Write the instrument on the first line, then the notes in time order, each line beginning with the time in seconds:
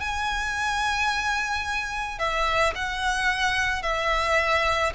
violin
0.00 G#5
2.19 E5
2.75 F#5
3.83 E5